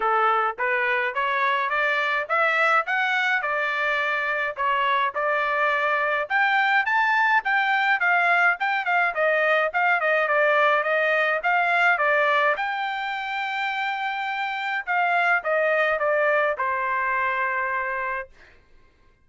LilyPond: \new Staff \with { instrumentName = "trumpet" } { \time 4/4 \tempo 4 = 105 a'4 b'4 cis''4 d''4 | e''4 fis''4 d''2 | cis''4 d''2 g''4 | a''4 g''4 f''4 g''8 f''8 |
dis''4 f''8 dis''8 d''4 dis''4 | f''4 d''4 g''2~ | g''2 f''4 dis''4 | d''4 c''2. | }